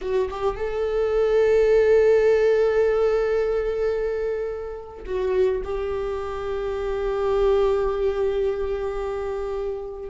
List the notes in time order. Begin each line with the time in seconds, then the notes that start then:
0.01 F#4
0.30 G4
0.56 A4
5.05 F#4
5.64 G4